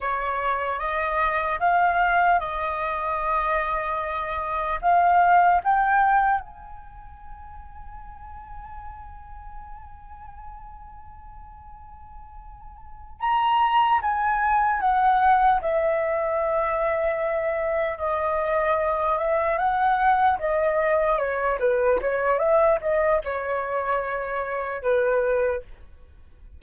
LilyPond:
\new Staff \with { instrumentName = "flute" } { \time 4/4 \tempo 4 = 75 cis''4 dis''4 f''4 dis''4~ | dis''2 f''4 g''4 | gis''1~ | gis''1~ |
gis''8 ais''4 gis''4 fis''4 e''8~ | e''2~ e''8 dis''4. | e''8 fis''4 dis''4 cis''8 b'8 cis''8 | e''8 dis''8 cis''2 b'4 | }